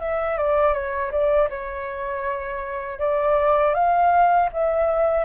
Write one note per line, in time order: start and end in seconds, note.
0.00 0.38 E5
0.38 0.74 D5
0.74 1.11 C#5
1.11 1.49 D5
1.50 2.99 C#5
2.99 3.74 D5
3.75 4.50 F5
4.53 5.25 E5